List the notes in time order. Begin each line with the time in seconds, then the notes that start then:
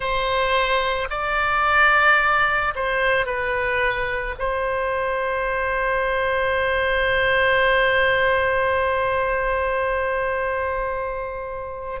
0.00 C5
1.10 D5
2.75 C5
3.26 B4
4.38 C5